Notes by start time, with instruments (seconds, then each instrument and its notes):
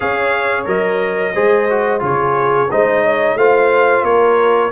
0.00 tuba C#4, trombone G#4, horn C#5, trumpet F5
0.65 tuba F#3, trombone A#4, trumpet D#5
1.34 tuba G#3, trombone G#4, horn C5
1.70 trombone F#4
1.99 tuba C#3, trombone F4, horn G#4, trumpet C#5
2.70 tuba G#3, trombone D#4, horn C5, trumpet D#5
3.03 horn C#5
3.35 tuba A3, trombone F4, horn C5, trumpet F5
4.03 tuba A#3, horn A#4, trumpet C#5